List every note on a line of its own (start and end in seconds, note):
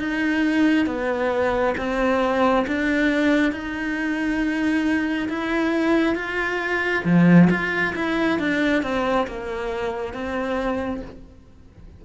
0.00 0.87 D#4
0.87 1.75 B3
1.78 2.66 C4
2.68 3.53 D4
3.53 5.29 D#4
5.29 6.16 E4
6.16 7.04 F4
7.05 7.49 F3
7.50 7.95 F4
7.96 8.39 E4
8.39 8.83 D4
8.83 9.27 C4
9.28 10.14 A#3
10.14 11.02 C4